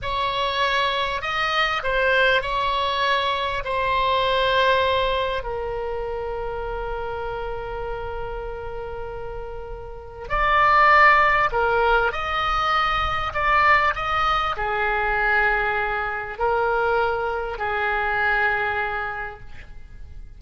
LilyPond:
\new Staff \with { instrumentName = "oboe" } { \time 4/4 \tempo 4 = 99 cis''2 dis''4 c''4 | cis''2 c''2~ | c''4 ais'2.~ | ais'1~ |
ais'4 d''2 ais'4 | dis''2 d''4 dis''4 | gis'2. ais'4~ | ais'4 gis'2. | }